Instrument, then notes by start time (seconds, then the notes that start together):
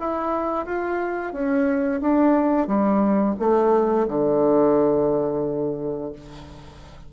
bassoon
0.00 E4
0.66 F4
1.33 C#4
2.01 D4
2.67 G3
3.39 A3
4.08 D3